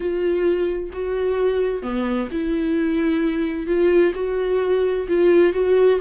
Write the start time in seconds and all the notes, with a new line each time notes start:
0.00 F4
0.93 F#4
1.82 B3
2.31 E4
3.66 F4
4.15 F#4
5.08 F4
5.53 F#4